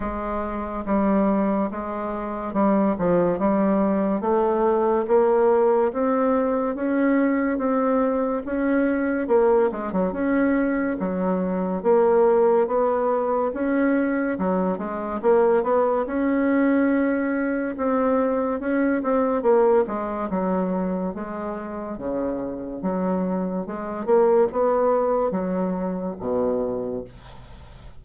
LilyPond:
\new Staff \with { instrumentName = "bassoon" } { \time 4/4 \tempo 4 = 71 gis4 g4 gis4 g8 f8 | g4 a4 ais4 c'4 | cis'4 c'4 cis'4 ais8 gis16 fis16 | cis'4 fis4 ais4 b4 |
cis'4 fis8 gis8 ais8 b8 cis'4~ | cis'4 c'4 cis'8 c'8 ais8 gis8 | fis4 gis4 cis4 fis4 | gis8 ais8 b4 fis4 b,4 | }